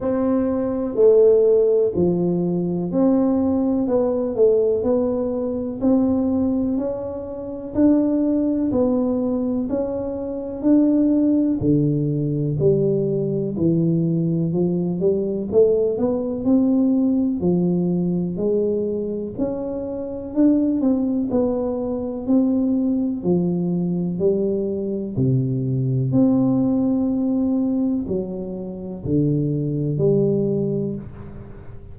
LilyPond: \new Staff \with { instrumentName = "tuba" } { \time 4/4 \tempo 4 = 62 c'4 a4 f4 c'4 | b8 a8 b4 c'4 cis'4 | d'4 b4 cis'4 d'4 | d4 g4 e4 f8 g8 |
a8 b8 c'4 f4 gis4 | cis'4 d'8 c'8 b4 c'4 | f4 g4 c4 c'4~ | c'4 fis4 d4 g4 | }